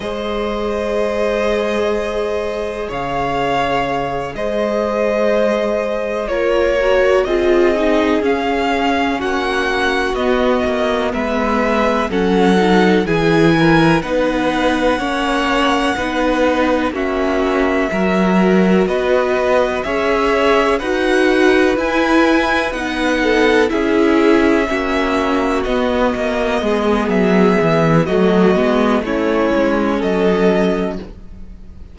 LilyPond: <<
  \new Staff \with { instrumentName = "violin" } { \time 4/4 \tempo 4 = 62 dis''2. f''4~ | f''8 dis''2 cis''4 dis''8~ | dis''8 f''4 fis''4 dis''4 e''8~ | e''8 fis''4 gis''4 fis''4.~ |
fis''4. e''2 dis''8~ | dis''8 e''4 fis''4 gis''4 fis''8~ | fis''8 e''2 dis''4. | e''4 dis''4 cis''4 dis''4 | }
  \new Staff \with { instrumentName = "violin" } { \time 4/4 c''2. cis''4~ | cis''8 c''2 ais'4 gis'8~ | gis'4. fis'2 b'8~ | b'8 a'4 gis'8 ais'8 b'4 cis''8~ |
cis''8 b'4 fis'4 ais'4 b'8~ | b'8 cis''4 b'2~ b'8 | a'8 gis'4 fis'2 gis'8~ | gis'4 fis'4 e'4 a'4 | }
  \new Staff \with { instrumentName = "viola" } { \time 4/4 gis'1~ | gis'2~ gis'8 f'8 fis'8 f'8 | dis'8 cis'2 b4.~ | b8 cis'8 dis'8 e'4 dis'4 cis'8~ |
cis'8 dis'4 cis'4 fis'4.~ | fis'8 gis'4 fis'4 e'4 dis'8~ | dis'8 e'4 cis'4 b4.~ | b4 a8 b8 cis'2 | }
  \new Staff \with { instrumentName = "cello" } { \time 4/4 gis2. cis4~ | cis8 gis2 ais4 c'8~ | c'8 cis'4 ais4 b8 ais8 gis8~ | gis8 fis4 e4 b4 ais8~ |
ais8 b4 ais4 fis4 b8~ | b8 cis'4 dis'4 e'4 b8~ | b8 cis'4 ais4 b8 ais8 gis8 | fis8 e8 fis8 gis8 a8 gis8 fis4 | }
>>